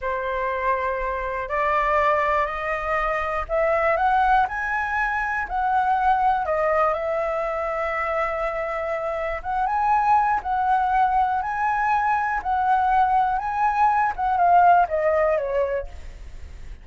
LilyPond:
\new Staff \with { instrumentName = "flute" } { \time 4/4 \tempo 4 = 121 c''2. d''4~ | d''4 dis''2 e''4 | fis''4 gis''2 fis''4~ | fis''4 dis''4 e''2~ |
e''2. fis''8 gis''8~ | gis''4 fis''2 gis''4~ | gis''4 fis''2 gis''4~ | gis''8 fis''8 f''4 dis''4 cis''4 | }